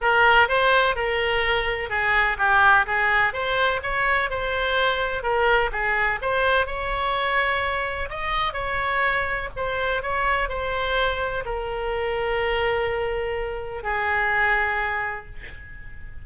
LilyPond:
\new Staff \with { instrumentName = "oboe" } { \time 4/4 \tempo 4 = 126 ais'4 c''4 ais'2 | gis'4 g'4 gis'4 c''4 | cis''4 c''2 ais'4 | gis'4 c''4 cis''2~ |
cis''4 dis''4 cis''2 | c''4 cis''4 c''2 | ais'1~ | ais'4 gis'2. | }